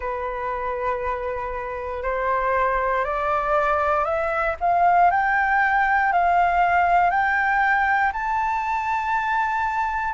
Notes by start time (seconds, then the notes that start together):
0.00 B4
2.02 C5
3.04 D5
4.04 E5
4.60 F5
5.11 G5
6.12 F5
7.10 G5
8.12 A5